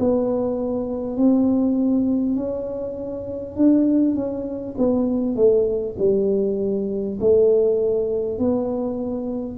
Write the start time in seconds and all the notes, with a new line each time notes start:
0.00 B3
1.17 C4
2.36 C#4
3.56 D4
4.15 C#4
4.78 B3
5.36 A3
5.99 G3
7.21 A3
8.39 B3